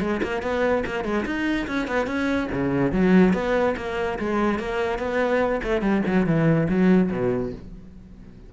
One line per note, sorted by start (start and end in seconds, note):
0.00 0.21 G#3
0.23 0.42 A#3
0.42 0.84 B3
0.86 1.04 A#3
1.04 1.25 G#3
1.25 1.67 D#4
1.67 1.87 C#4
1.87 2.06 B3
2.06 2.48 C#4
2.52 2.92 C#3
2.92 3.33 F#3
3.33 3.75 B3
3.77 4.18 A#3
4.19 4.59 G#3
4.59 4.98 A#3
4.98 5.61 B3
5.63 5.81 A3
5.81 6.02 G3
6.06 6.26 F#3
6.26 6.68 E3
6.69 7.11 F#3
7.11 7.53 B2